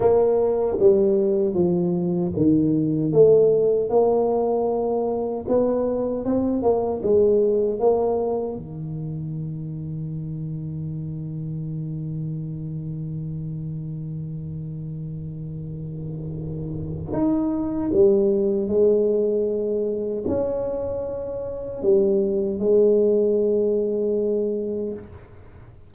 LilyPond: \new Staff \with { instrumentName = "tuba" } { \time 4/4 \tempo 4 = 77 ais4 g4 f4 dis4 | a4 ais2 b4 | c'8 ais8 gis4 ais4 dis4~ | dis1~ |
dis1~ | dis2 dis'4 g4 | gis2 cis'2 | g4 gis2. | }